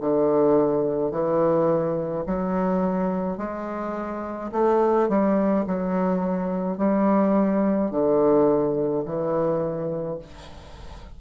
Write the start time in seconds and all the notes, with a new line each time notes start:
0.00 D3
1.11 E3
2.26 F#3
3.37 G#3
4.52 A3
5.08 G3
5.67 F#3
6.77 G3
7.91 D3
9.05 E3